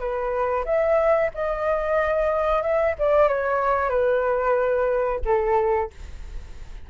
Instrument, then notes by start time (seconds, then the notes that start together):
flute
0.00 B4
0.66 E5
1.34 D#5
2.63 E5
2.99 D5
3.29 C#5
3.90 B4
5.25 A4